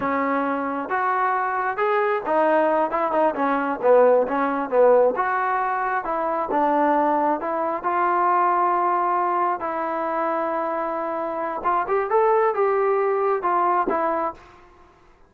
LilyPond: \new Staff \with { instrumentName = "trombone" } { \time 4/4 \tempo 4 = 134 cis'2 fis'2 | gis'4 dis'4. e'8 dis'8 cis'8~ | cis'8 b4 cis'4 b4 fis'8~ | fis'4. e'4 d'4.~ |
d'8 e'4 f'2~ f'8~ | f'4. e'2~ e'8~ | e'2 f'8 g'8 a'4 | g'2 f'4 e'4 | }